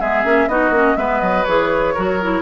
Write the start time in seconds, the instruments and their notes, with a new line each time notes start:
0.00 bassoon G#3, clarinet B3, oboe G#4, flute E5
0.24 bassoon A#3, clarinet C#4
0.48 bassoon B3, clarinet D#4, oboe F#4, flute D#5
0.69 bassoon A#3, clarinet C#4
0.96 bassoon G#3, clarinet B3, oboe B4, flute E5
1.20 bassoon F#3, flute D#5
1.44 bassoon E3, clarinet G#4, flute C#5
1.94 bassoon F#3, clarinet F#4, oboe A#4
2.22 clarinet E4